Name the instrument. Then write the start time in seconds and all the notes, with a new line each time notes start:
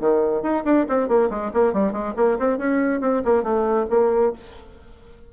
bassoon
0.00 D#3
0.42 D#4
0.65 D4
0.89 C4
1.09 A#3
1.30 G#3
1.54 A#3
1.73 G3
1.92 G#3
2.17 A#3
2.39 C4
2.58 C#4
3.01 C4
3.25 A#3
3.43 A3
3.90 A#3